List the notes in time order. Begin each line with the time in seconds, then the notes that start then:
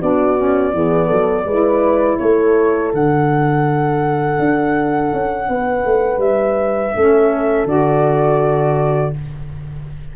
0.00 B3 D4 F#4 D5
0.37 C#4
0.72 E3 B3 G#4
1.06 F#3 A4
1.44 G#3 E4 B4
2.18 A3 A4 C#5
2.93 D3 D4 F#5
4.39 D4
5.13 C#4
5.48 B3 B4
5.85 A3
6.18 G3 E5
6.95 A3 C#4 A4
7.65 D3 F#4 D5